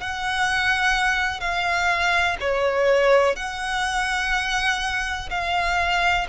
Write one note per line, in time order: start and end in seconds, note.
0.00 1.40 F#5
1.40 2.37 F5
2.40 3.36 C#5
3.36 5.29 F#5
5.30 6.27 F5